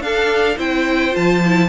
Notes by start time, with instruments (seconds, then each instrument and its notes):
0.00 cello D4, viola D4, violin A4 F5
0.56 cello C4, viola E4, violin C5 G5
1.12 cello F3, viola F4, violin A5
1.46 viola E4